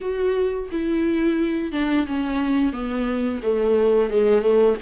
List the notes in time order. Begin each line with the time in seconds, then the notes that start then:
0.01 F#4
0.71 E4
1.72 D4
2.06 C#4
2.72 B3
3.42 A3
4.10 G#3
4.41 A3